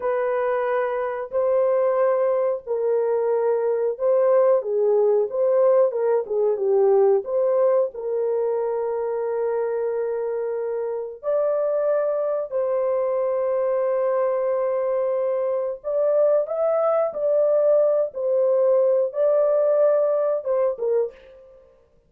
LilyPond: \new Staff \with { instrumentName = "horn" } { \time 4/4 \tempo 4 = 91 b'2 c''2 | ais'2 c''4 gis'4 | c''4 ais'8 gis'8 g'4 c''4 | ais'1~ |
ais'4 d''2 c''4~ | c''1 | d''4 e''4 d''4. c''8~ | c''4 d''2 c''8 ais'8 | }